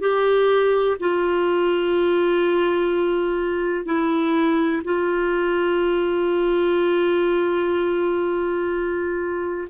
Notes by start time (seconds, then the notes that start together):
0.00 G4
1.00 F4
3.85 E4
4.84 F4